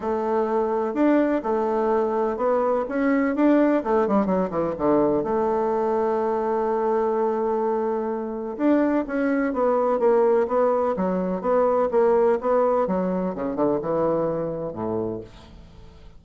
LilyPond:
\new Staff \with { instrumentName = "bassoon" } { \time 4/4 \tempo 4 = 126 a2 d'4 a4~ | a4 b4 cis'4 d'4 | a8 g8 fis8 e8 d4 a4~ | a1~ |
a2 d'4 cis'4 | b4 ais4 b4 fis4 | b4 ais4 b4 fis4 | cis8 d8 e2 a,4 | }